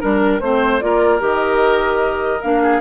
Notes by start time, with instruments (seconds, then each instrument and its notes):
0.00 bassoon G3, clarinet D4, oboe A#4, flute A#4
0.40 bassoon A3, clarinet C4, flute C5, oboe C5
0.80 bassoon A#3, clarinet F4, oboe A#4, flute D5
1.19 bassoon D#3, clarinet G4, flute D#5
2.42 bassoon A#3, clarinet D4, flute F5
2.62 oboe G#4